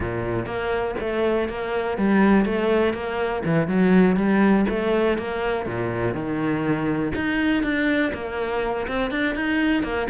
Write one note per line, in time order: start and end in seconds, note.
0.00 0.46 A#2
0.46 0.95 A#3
0.99 1.49 A3
1.49 1.97 A#3
1.97 2.45 G3
2.45 2.93 A3
2.93 3.42 A#3
3.44 3.67 E3
3.67 4.16 F#3
4.16 4.65 G3
4.69 5.18 A3
5.18 5.66 A#3
5.66 6.14 A#2
6.14 7.12 D#3
7.15 7.63 D#4
7.63 8.12 D4
8.13 8.87 A#3
8.87 9.10 C4
9.10 9.35 D4
9.35 9.83 D#4
9.83 10.07 A#3